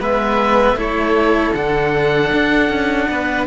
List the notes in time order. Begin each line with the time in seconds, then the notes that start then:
0.00 G#3 B3 B4 E5
0.74 A3 E4 A4 C#5
1.54 D3 D4 F#5
2.33 D4
2.69 C#4
3.09 B3 B4